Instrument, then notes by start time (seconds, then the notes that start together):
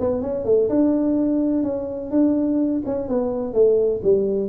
tuba
0.00 B3
0.22 C#4
0.45 A3
0.69 D4
1.64 C#4
2.11 D4
2.86 C#4
3.09 B3
3.54 A3
4.03 G3